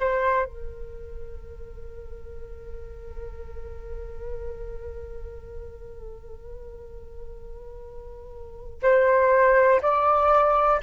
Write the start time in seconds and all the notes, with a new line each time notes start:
0.00 C5
0.45 A#4
8.83 C5
9.82 D5